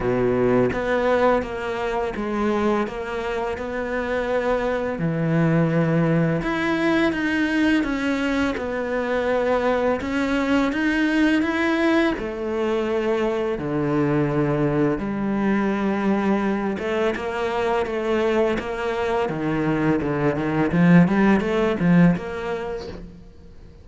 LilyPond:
\new Staff \with { instrumentName = "cello" } { \time 4/4 \tempo 4 = 84 b,4 b4 ais4 gis4 | ais4 b2 e4~ | e4 e'4 dis'4 cis'4 | b2 cis'4 dis'4 |
e'4 a2 d4~ | d4 g2~ g8 a8 | ais4 a4 ais4 dis4 | d8 dis8 f8 g8 a8 f8 ais4 | }